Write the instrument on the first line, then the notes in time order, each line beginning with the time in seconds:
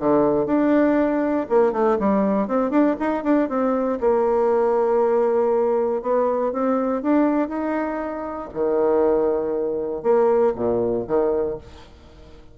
bassoon
0.00 D3
0.47 D4
1.50 A#3
1.73 A3
2.00 G3
2.48 C4
2.71 D4
3.00 D#4
3.24 D4
3.49 C4
4.01 A#3
6.02 B3
6.53 C4
7.03 D4
7.49 D#4
8.54 D#3
10.03 A#3
10.55 A#2
11.08 D#3